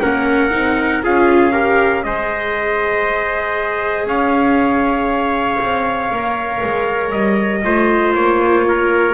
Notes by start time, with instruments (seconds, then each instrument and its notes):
0.00 double bass A#3, viola C#4, trumpet A#4 F#5
0.51 double bass C4, viola D#4
1.03 double bass C#4, viola F4, trumpet G#4 F5
1.52 viola G4, trumpet A#4
2.03 double bass G#3, viola G#4, trumpet C5 D#5
4.05 double bass C#4, trumpet C#5 F5
5.60 double bass C4
6.11 double bass A#3, viola A#4
6.63 double bass G#3
7.11 double bass G3, trumpet D#5
7.63 double bass A3, viola F4, trumpet C5
8.14 double bass A#3, trumpet C#5
8.68 trumpet A#4